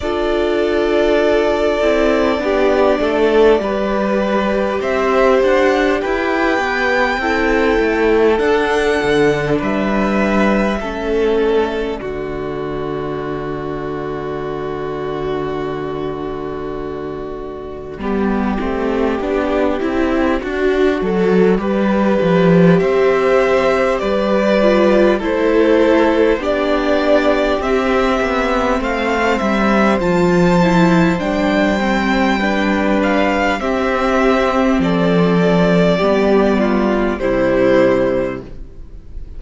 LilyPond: <<
  \new Staff \with { instrumentName = "violin" } { \time 4/4 \tempo 4 = 50 d''1 | e''8 fis''8 g''2 fis''4 | e''4. d''2~ d''8~ | d''1~ |
d''2. e''4 | d''4 c''4 d''4 e''4 | f''8 e''8 a''4 g''4. f''8 | e''4 d''2 c''4 | }
  \new Staff \with { instrumentName = "violin" } { \time 4/4 a'2 g'8 a'8 b'4 | c''4 b'4 a'2 | b'4 a'4 fis'2~ | fis'2. g'4~ |
g'4 fis'4 b'4 c''4 | b'4 a'4 g'2 | c''2. b'4 | g'4 a'4 g'8 f'8 e'4 | }
  \new Staff \with { instrumentName = "viola" } { \time 4/4 f'4. e'8 d'4 g'4~ | g'2 e'4 d'4~ | d'4 cis'4 a2~ | a2. b8 c'8 |
d'8 e'8 fis'8 a'8 g'2~ | g'8 f'8 e'4 d'4 c'4~ | c'4 f'8 e'8 d'8 c'8 d'4 | c'2 b4 g4 | }
  \new Staff \with { instrumentName = "cello" } { \time 4/4 d'4. c'8 b8 a8 g4 | c'8 d'8 e'8 b8 c'8 a8 d'8 d8 | g4 a4 d2~ | d2. g8 a8 |
b8 c'8 d'8 fis8 g8 f8 c'4 | g4 a4 b4 c'8 b8 | a8 g8 f4 g2 | c'4 f4 g4 c4 | }
>>